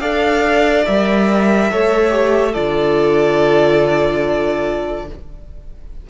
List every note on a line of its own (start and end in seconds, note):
0.00 0.85 D4
0.00 0.86 A4
0.00 1.70 D5
0.00 0.85 F5
0.86 1.72 G3
0.86 1.71 A#4
0.86 2.54 E5
1.71 2.56 A3
1.71 2.10 A4
1.71 2.52 C#5
2.10 2.52 G4
2.52 5.10 D3
2.52 5.08 F4
2.52 5.06 A4
2.52 5.08 D5